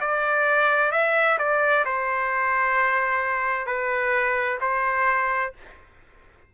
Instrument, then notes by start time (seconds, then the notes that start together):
trumpet
0.00 D5
0.91 E5
1.38 D5
1.85 C5
3.66 B4
4.61 C5